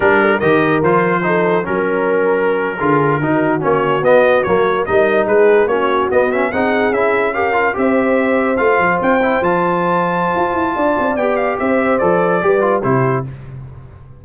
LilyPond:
<<
  \new Staff \with { instrumentName = "trumpet" } { \time 4/4 \tempo 4 = 145 ais'4 dis''4 c''2 | ais'1~ | ais'8. cis''4 dis''4 cis''4 dis''16~ | dis''8. b'4 cis''4 dis''8 e''8 fis''16~ |
fis''8. e''4 f''4 e''4~ e''16~ | e''8. f''4 g''4 a''4~ a''16~ | a''2. g''8 f''8 | e''4 d''2 c''4 | }
  \new Staff \with { instrumentName = "horn" } { \time 4/4 g'8 a'8 ais'2 a'4 | ais'2~ ais'8. gis'4 fis'16~ | fis'2.~ fis'8. ais'16~ | ais'8. gis'4 fis'2 gis'16~ |
gis'4.~ gis'16 ais'4 c''4~ c''16~ | c''1~ | c''2 d''2 | c''2 b'4 g'4 | }
  \new Staff \with { instrumentName = "trombone" } { \time 4/4 d'4 g'4 f'4 dis'4 | cis'2~ cis'8. f'4 dis'16~ | dis'8. cis'4 b4 ais4 dis'16~ | dis'4.~ dis'16 cis'4 b8 cis'8 dis'16~ |
dis'8. e'4 g'8 f'8 g'4~ g'16~ | g'8. f'4. e'8 f'4~ f'16~ | f'2. g'4~ | g'4 a'4 g'8 f'8 e'4 | }
  \new Staff \with { instrumentName = "tuba" } { \time 4/4 g4 dis4 f2 | fis2~ fis8. d4 dis16~ | dis8. ais4 b4 fis4 g16~ | g8. gis4 ais4 b4 c'16~ |
c'8. cis'2 c'4~ c'16~ | c'8. a8 f8 c'4 f4~ f16~ | f4 f'8 e'8 d'8 c'8 b4 | c'4 f4 g4 c4 | }
>>